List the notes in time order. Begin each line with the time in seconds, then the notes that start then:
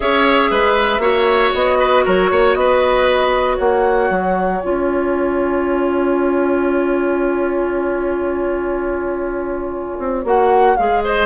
0.00 C#4 G#4 C#5 E5
0.51 G#3 B4
0.98 A#3 F#4 C#5
1.54 B3 D#5
1.79 B4
2.04 F#3 A#4 C#5
2.31 A#3 C#5
2.54 B3 B4 D#5
3.56 A#3 C#5 F#5
4.09 F#3
4.60 C#4 F4 G#5
9.98 C4
10.24 A#3 F#4 F#5
10.76 G#3 G#4 F5
11.04 C5 D#5